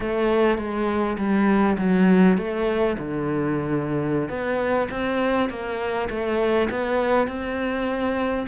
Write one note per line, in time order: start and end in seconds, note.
0.00 0.58 A3
0.58 1.17 G#3
1.17 1.77 G3
1.78 2.37 F#3
2.37 2.96 A3
2.98 4.29 D3
4.29 4.88 B3
4.90 5.49 C4
5.49 6.09 A#3
6.09 6.68 A3
6.70 7.27 B3
7.27 8.46 C4